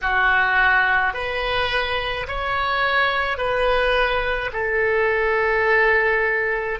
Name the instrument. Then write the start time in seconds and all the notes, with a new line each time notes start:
oboe
0.01 F#4
1.13 B4
2.27 C#5
3.37 B4
4.53 A4